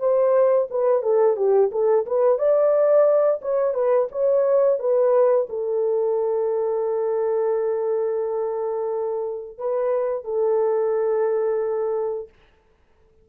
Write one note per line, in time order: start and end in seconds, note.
0.00 0.68 C5
0.71 1.03 B4
1.03 1.37 A4
1.37 1.71 G4
1.72 2.06 A4
2.06 2.39 B4
2.39 3.41 D5
3.42 3.74 C#5
3.74 4.08 B4
4.12 4.79 C#5
4.79 5.48 B4
5.49 9.59 A4
9.59 10.25 B4
10.25 12.29 A4